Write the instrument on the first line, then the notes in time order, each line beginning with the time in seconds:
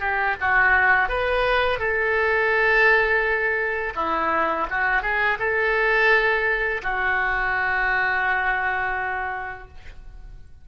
oboe
0.00 G4
0.41 F#4
1.09 B4
1.79 A4
3.95 E4
4.70 F#4
5.02 G#4
5.39 A4
6.83 F#4